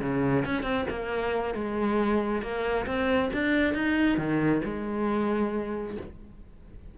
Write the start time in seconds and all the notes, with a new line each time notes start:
0.00 C#3
0.45 C#4
0.62 C4
0.89 A#3
1.54 G#3
2.42 A#3
2.86 C4
3.33 D4
3.74 D#4
4.17 D#3
4.64 G#3